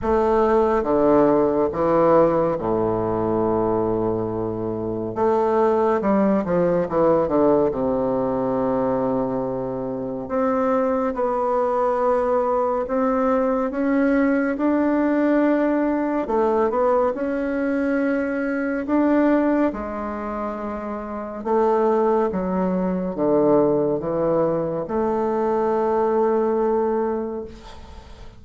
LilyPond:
\new Staff \with { instrumentName = "bassoon" } { \time 4/4 \tempo 4 = 70 a4 d4 e4 a,4~ | a,2 a4 g8 f8 | e8 d8 c2. | c'4 b2 c'4 |
cis'4 d'2 a8 b8 | cis'2 d'4 gis4~ | gis4 a4 fis4 d4 | e4 a2. | }